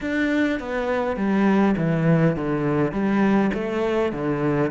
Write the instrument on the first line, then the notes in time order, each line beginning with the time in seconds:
cello
0.00 D4
0.59 B3
1.16 G3
1.77 E3
2.36 D3
2.91 G3
3.54 A3
4.12 D3